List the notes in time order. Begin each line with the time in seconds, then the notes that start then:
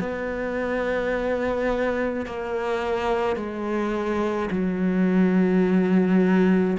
0.00 B3
2.26 A#3
3.36 G#3
4.51 F#3